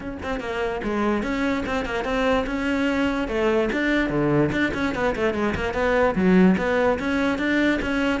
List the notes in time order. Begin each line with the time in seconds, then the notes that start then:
0.00 C#4
0.22 C4
0.40 A#3
0.83 G#3
1.22 C#4
1.66 C4
1.85 A#3
2.04 C4
2.46 C#4
3.28 A3
3.72 D4
4.09 D3
4.51 D4
4.74 C#4
4.94 B3
5.15 A3
5.34 G#3
5.55 A#3
5.73 B3
6.15 F#3
6.57 B3
6.99 C#4
7.38 D4
7.82 C#4